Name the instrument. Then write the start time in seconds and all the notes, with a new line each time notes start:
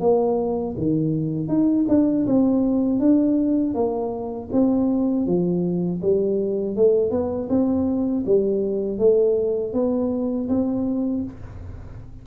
tuba
0.00 A#3
0.77 D#3
1.48 D#4
1.89 D4
2.26 C4
2.99 D4
3.74 A#3
4.52 C4
5.26 F3
6.01 G3
6.76 A3
7.11 B3
7.49 C4
8.26 G3
8.98 A3
9.73 B3
10.49 C4